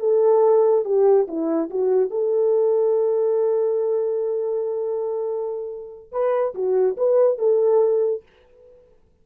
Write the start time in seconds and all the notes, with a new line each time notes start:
0.00 A4
0.85 G4
1.28 E4
1.70 F#4
2.10 A4
6.12 B4
6.55 F#4
6.97 B4
7.38 A4